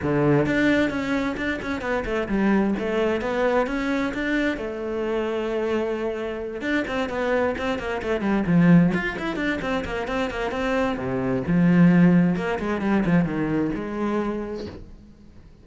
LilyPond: \new Staff \with { instrumentName = "cello" } { \time 4/4 \tempo 4 = 131 d4 d'4 cis'4 d'8 cis'8 | b8 a8 g4 a4 b4 | cis'4 d'4 a2~ | a2~ a8 d'8 c'8 b8~ |
b8 c'8 ais8 a8 g8 f4 f'8 | e'8 d'8 c'8 ais8 c'8 ais8 c'4 | c4 f2 ais8 gis8 | g8 f8 dis4 gis2 | }